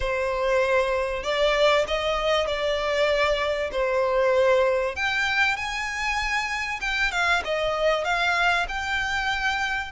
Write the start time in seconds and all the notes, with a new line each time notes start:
0.00 C5
1.23 D5
1.87 D#5
2.46 D5
3.71 C5
4.95 G5
5.56 G#5
6.80 G5
7.11 F5
7.44 D#5
8.04 F5
8.68 G5